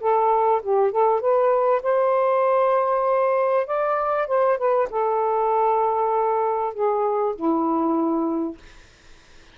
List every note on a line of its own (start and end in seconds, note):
0.00 0.61 A4
0.62 0.91 G4
0.91 1.20 A4
1.20 1.81 B4
1.83 3.66 C5
3.67 4.27 D5
4.27 4.58 C5
4.58 4.88 B4
4.90 6.73 A4
6.73 7.35 G#4
7.35 8.57 E4